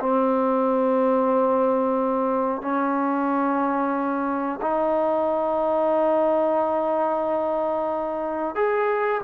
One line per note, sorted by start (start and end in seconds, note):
0.00 2.62 C4
2.62 4.60 C#4
4.62 8.56 D#4
8.56 9.22 G#4